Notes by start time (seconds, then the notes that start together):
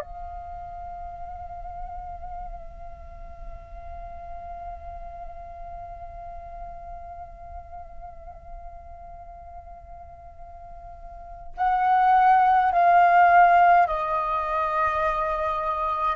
0.00 F5
11.57 F#5
12.72 F5
13.87 D#5